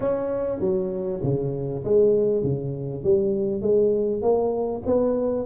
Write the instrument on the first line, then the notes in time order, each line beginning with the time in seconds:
tuba
0.00 C#4
0.60 F#3
1.23 C#3
1.84 G#3
2.43 C#3
3.03 G3
3.61 G#3
4.21 A#3
4.85 B3